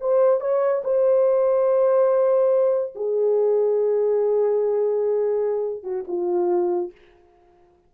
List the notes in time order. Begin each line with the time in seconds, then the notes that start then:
0.00 C5
0.40 C#5
0.84 C5
2.95 G#4
5.83 F#4
6.07 F4